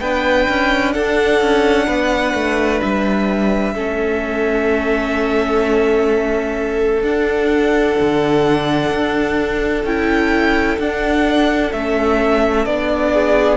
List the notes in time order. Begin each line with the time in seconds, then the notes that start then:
0.00 B3 D4 B4 G5
0.49 C#4
0.93 D4 A4 F#5
1.42 C#4
1.87 B3 B4
2.34 A3
2.81 G3 E5
3.75 A3 C#4 A4
7.03 D4 F#5
8.01 D3
8.91 D4
9.84 C#4 E4 G5
10.79 D4 F#5
11.73 A3 C#4 E5
12.66 B3 D4 D5
13.13 G#4